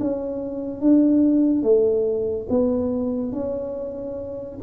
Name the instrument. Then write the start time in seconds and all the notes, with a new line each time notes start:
tuba
0.00 C#4
0.81 D4
1.63 A3
2.49 B3
3.32 C#4